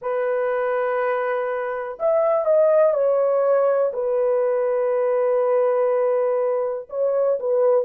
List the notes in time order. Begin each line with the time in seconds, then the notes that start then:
0.01 B4
1.99 E5
2.45 D#5
2.93 C#5
3.93 B4
6.89 C#5
7.39 B4